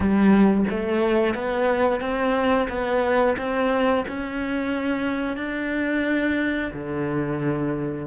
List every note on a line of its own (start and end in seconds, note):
0.00 0.64 G3
0.70 1.35 A3
1.35 2.00 B3
2.00 2.68 C4
2.68 3.36 B3
3.37 4.04 C4
4.08 5.37 C#4
5.37 6.71 D4
6.73 8.06 D3